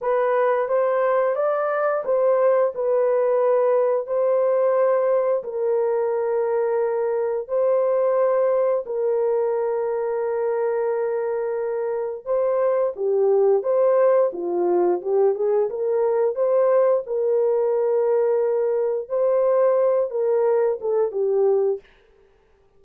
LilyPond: \new Staff \with { instrumentName = "horn" } { \time 4/4 \tempo 4 = 88 b'4 c''4 d''4 c''4 | b'2 c''2 | ais'2. c''4~ | c''4 ais'2.~ |
ais'2 c''4 g'4 | c''4 f'4 g'8 gis'8 ais'4 | c''4 ais'2. | c''4. ais'4 a'8 g'4 | }